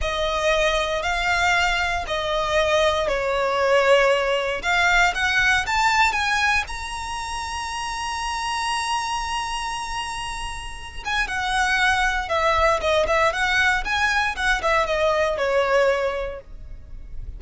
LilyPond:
\new Staff \with { instrumentName = "violin" } { \time 4/4 \tempo 4 = 117 dis''2 f''2 | dis''2 cis''2~ | cis''4 f''4 fis''4 a''4 | gis''4 ais''2.~ |
ais''1~ | ais''4. gis''8 fis''2 | e''4 dis''8 e''8 fis''4 gis''4 | fis''8 e''8 dis''4 cis''2 | }